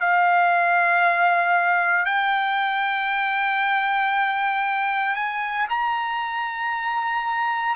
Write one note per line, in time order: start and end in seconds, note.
0.00 2.05 F5
2.05 5.15 G5
5.15 5.67 G#5
5.69 7.75 A#5